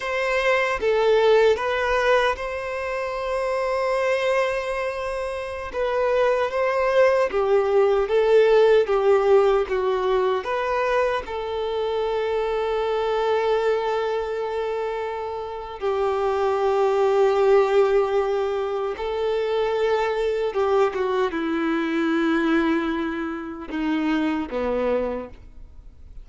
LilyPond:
\new Staff \with { instrumentName = "violin" } { \time 4/4 \tempo 4 = 76 c''4 a'4 b'4 c''4~ | c''2.~ c''16 b'8.~ | b'16 c''4 g'4 a'4 g'8.~ | g'16 fis'4 b'4 a'4.~ a'16~ |
a'1 | g'1 | a'2 g'8 fis'8 e'4~ | e'2 dis'4 b4 | }